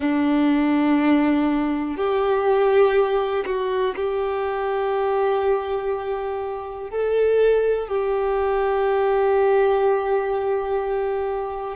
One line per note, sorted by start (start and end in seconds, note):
0.00 1.96 D4
1.96 3.44 G4
3.45 3.94 F#4
3.96 6.90 G4
6.90 7.88 A4
7.88 11.76 G4